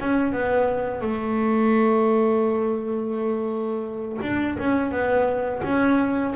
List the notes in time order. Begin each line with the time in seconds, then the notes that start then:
0.00 C#4
0.33 B3
1.02 A3
4.22 D4
4.59 C#4
4.92 B3
5.64 C#4